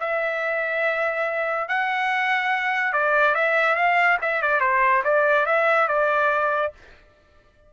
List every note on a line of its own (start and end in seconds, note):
0.00 1.69 E5
1.69 2.93 F#5
2.93 3.35 D5
3.35 3.76 E5
3.76 4.18 F5
4.22 4.42 E5
4.42 4.61 D5
4.61 5.03 C5
5.04 5.46 D5
5.46 5.88 E5
5.88 6.73 D5